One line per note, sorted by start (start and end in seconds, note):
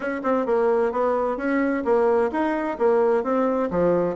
0.00 0.21 C#4
0.23 0.46 C4
0.46 0.92 A#3
0.92 1.37 B3
1.37 1.83 C#4
1.84 2.31 A#3
2.31 2.77 D#4
2.78 3.23 A#3
3.23 3.69 C4
3.70 4.15 F3